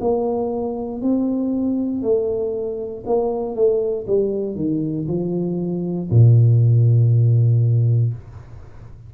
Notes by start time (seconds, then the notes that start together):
0.00 A#3
1.01 C4
2.02 A3
3.06 A#3
3.55 A3
4.07 G3
4.55 D#3
5.08 F3
6.10 A#2